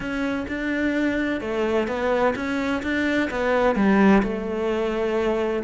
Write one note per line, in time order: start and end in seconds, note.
0.00 0.46 C#4
0.48 1.40 D4
1.40 1.87 A3
1.87 2.34 B3
2.35 2.82 C#4
2.83 3.29 D4
3.30 3.75 B3
3.75 4.22 G3
4.22 5.63 A3